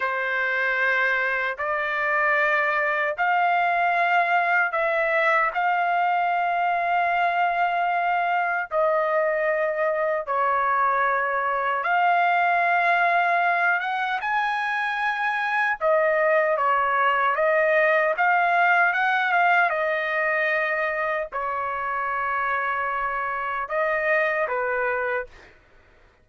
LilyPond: \new Staff \with { instrumentName = "trumpet" } { \time 4/4 \tempo 4 = 76 c''2 d''2 | f''2 e''4 f''4~ | f''2. dis''4~ | dis''4 cis''2 f''4~ |
f''4. fis''8 gis''2 | dis''4 cis''4 dis''4 f''4 | fis''8 f''8 dis''2 cis''4~ | cis''2 dis''4 b'4 | }